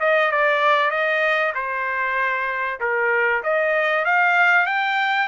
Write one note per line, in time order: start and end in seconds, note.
0.00 0.31 D#5
0.32 0.91 D5
0.91 1.53 D#5
1.55 2.80 C5
2.80 3.43 A#4
3.43 4.05 D#5
4.05 4.66 F5
4.66 5.28 G5